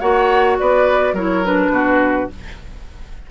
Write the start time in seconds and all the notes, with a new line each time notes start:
0.00 A#3 F#4 C#5 F#5
0.59 B3 B4 D5
1.13 F#3 E4 A#4 C#5
1.45 D4 B4
1.70 B2 F#4